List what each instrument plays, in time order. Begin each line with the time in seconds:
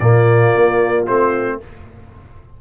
0.00 tuba A#2, trombone A#3, horn F4, trumpet D5
0.56 tuba A#3
1.07 tuba A3, trombone C4, trumpet C5